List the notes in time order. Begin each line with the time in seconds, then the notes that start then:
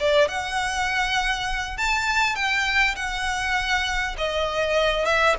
0.00 D5
0.28 F#5
1.78 A5
2.35 G5
2.96 F#5
4.18 D#5
5.05 E5